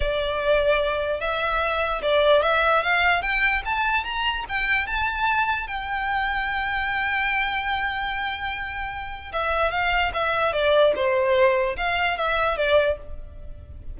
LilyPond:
\new Staff \with { instrumentName = "violin" } { \time 4/4 \tempo 4 = 148 d''2. e''4~ | e''4 d''4 e''4 f''4 | g''4 a''4 ais''4 g''4 | a''2 g''2~ |
g''1~ | g''2. e''4 | f''4 e''4 d''4 c''4~ | c''4 f''4 e''4 d''4 | }